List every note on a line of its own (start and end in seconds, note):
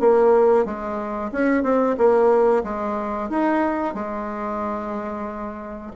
0.00 0.65 A#3
0.65 1.31 G#3
1.32 1.63 C#4
1.63 1.96 C4
1.98 2.63 A#3
2.64 3.30 G#3
3.30 3.94 D#4
3.94 5.92 G#3